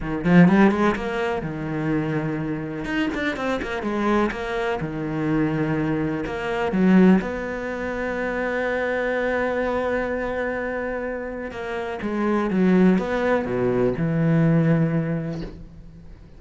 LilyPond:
\new Staff \with { instrumentName = "cello" } { \time 4/4 \tempo 4 = 125 dis8 f8 g8 gis8 ais4 dis4~ | dis2 dis'8 d'8 c'8 ais8 | gis4 ais4 dis2~ | dis4 ais4 fis4 b4~ |
b1~ | b1 | ais4 gis4 fis4 b4 | b,4 e2. | }